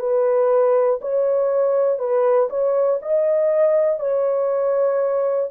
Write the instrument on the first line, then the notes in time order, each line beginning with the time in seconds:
horn
0.00 B4
1.01 C#5
1.99 B4
2.50 C#5
3.02 D#5
4.00 C#5